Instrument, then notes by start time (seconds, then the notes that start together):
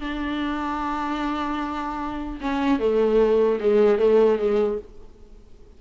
viola
0.00 D4
2.41 C#4
2.79 A3
3.60 G#3
3.98 A3
4.38 G#3